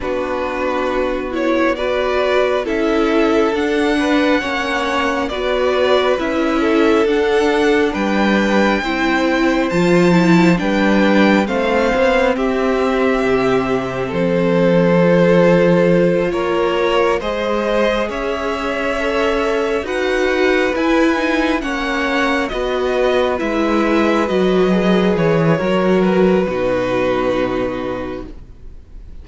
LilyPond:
<<
  \new Staff \with { instrumentName = "violin" } { \time 4/4 \tempo 4 = 68 b'4. cis''8 d''4 e''4 | fis''2 d''4 e''4 | fis''4 g''2 a''4 | g''4 f''4 e''2 |
c''2~ c''8 cis''4 dis''8~ | dis''8 e''2 fis''4 gis''8~ | gis''8 fis''4 dis''4 e''4 dis''8~ | dis''8 cis''4 b'2~ b'8 | }
  \new Staff \with { instrumentName = "violin" } { \time 4/4 fis'2 b'4 a'4~ | a'8 b'8 cis''4 b'4. a'8~ | a'4 b'4 c''2 | b'4 c''4 g'2 |
a'2~ a'8 ais'4 c''8~ | c''8 cis''2 b'4.~ | b'8 cis''4 b'2~ b'8~ | b'4 ais'4 fis'2 | }
  \new Staff \with { instrumentName = "viola" } { \time 4/4 d'4. e'8 fis'4 e'4 | d'4 cis'4 fis'4 e'4 | d'2 e'4 f'8 e'8 | d'4 c'2.~ |
c'4 f'2~ f'8 gis'8~ | gis'4. a'4 fis'4 e'8 | dis'8 cis'4 fis'4 e'4 fis'8 | gis'4 fis'4 dis'2 | }
  \new Staff \with { instrumentName = "cello" } { \time 4/4 b2. cis'4 | d'4 ais4 b4 cis'4 | d'4 g4 c'4 f4 | g4 a8 b8 c'4 c4 |
f2~ f8 ais4 gis8~ | gis8 cis'2 dis'4 e'8~ | e'8 ais4 b4 gis4 fis8~ | fis8 e8 fis4 b,2 | }
>>